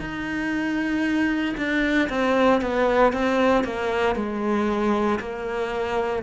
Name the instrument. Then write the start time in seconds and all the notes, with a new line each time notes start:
cello
0.00 D#4
1.57 D4
2.09 C4
2.61 B3
3.13 C4
3.63 A#3
4.15 G#3
5.19 A#3